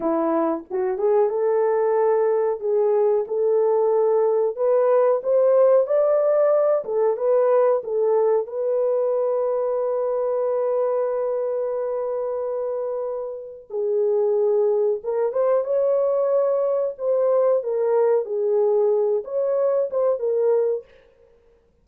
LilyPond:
\new Staff \with { instrumentName = "horn" } { \time 4/4 \tempo 4 = 92 e'4 fis'8 gis'8 a'2 | gis'4 a'2 b'4 | c''4 d''4. a'8 b'4 | a'4 b'2.~ |
b'1~ | b'4 gis'2 ais'8 c''8 | cis''2 c''4 ais'4 | gis'4. cis''4 c''8 ais'4 | }